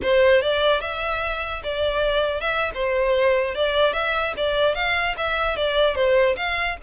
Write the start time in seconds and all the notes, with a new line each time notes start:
0.02 C5
0.41 D5
0.80 E5
1.63 D5
2.40 E5
2.74 C5
3.54 D5
3.93 E5
4.36 D5
4.74 F5
5.17 E5
5.56 D5
5.95 C5
6.36 F5